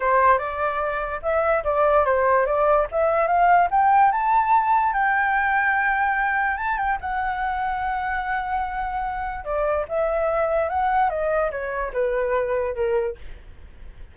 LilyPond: \new Staff \with { instrumentName = "flute" } { \time 4/4 \tempo 4 = 146 c''4 d''2 e''4 | d''4 c''4 d''4 e''4 | f''4 g''4 a''2 | g''1 |
a''8 g''8 fis''2.~ | fis''2. d''4 | e''2 fis''4 dis''4 | cis''4 b'2 ais'4 | }